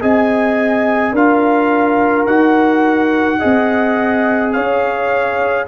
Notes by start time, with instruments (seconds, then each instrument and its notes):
0.00 tuba C4, trombone G#4, horn D#5, trumpet G#5
1.12 tuba D4, trombone F4, horn A#4, trumpet F5
2.26 tuba D#4, trombone F#4, trumpet F#5
3.38 tuba C4, trombone G#4, horn D#5
4.52 tuba C#4, horn C#5, trumpet F5